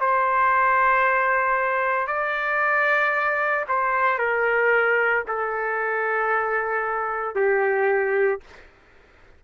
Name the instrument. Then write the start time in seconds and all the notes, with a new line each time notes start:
trumpet
0.00 C5
2.07 D5
3.68 C5
4.18 A#4
5.27 A4
7.35 G4